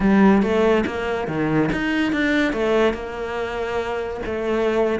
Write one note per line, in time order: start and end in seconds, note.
0.00 0.42 G3
0.42 0.84 A3
0.86 1.27 A#3
1.27 1.70 D#3
1.72 2.12 D#4
2.12 2.53 D4
2.53 2.93 A3
2.93 4.20 A#3
4.25 4.99 A3